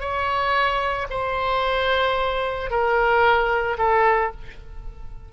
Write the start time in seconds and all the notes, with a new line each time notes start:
0.00 C#5
1.10 C5
2.70 A#4
3.78 A4